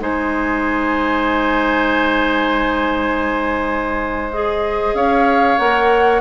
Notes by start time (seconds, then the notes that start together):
0.00 G#3 D#4 C5 G#5
4.33 G#4 D#5
4.94 C#4 C#5 F5
5.58 A#3 A#4 F#5